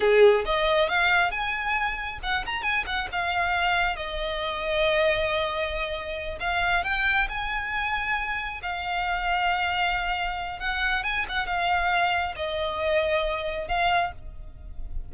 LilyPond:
\new Staff \with { instrumentName = "violin" } { \time 4/4 \tempo 4 = 136 gis'4 dis''4 f''4 gis''4~ | gis''4 fis''8 ais''8 gis''8 fis''8 f''4~ | f''4 dis''2.~ | dis''2~ dis''8 f''4 g''8~ |
g''8 gis''2. f''8~ | f''1 | fis''4 gis''8 fis''8 f''2 | dis''2. f''4 | }